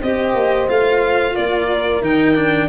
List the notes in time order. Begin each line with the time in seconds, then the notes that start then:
0.00 C4 G4 C5 D#5
0.34 A#3
0.68 A3 F4 F5
1.35 A#3 A#4 D5
2.01 D#3 D#4 G5
2.35 D4